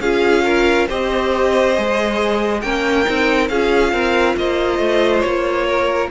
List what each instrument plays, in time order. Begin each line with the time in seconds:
0.00 cello C#4, viola F4, violin G#4 F5
0.44 violin A#4
0.87 cello C4, viola G4, violin C5 D#5
1.75 cello G#3, viola G#4
2.61 cello A#3, viola C#4, violin A#4 G5
3.05 cello C4, viola D#4
3.49 cello C#4, viola F4, violin G#4 F5
3.93 cello C4, violin A#4
4.37 cello A#3, violin C5 D#5
4.79 cello A3
5.21 cello A#3, violin C#5
5.67 violin A#4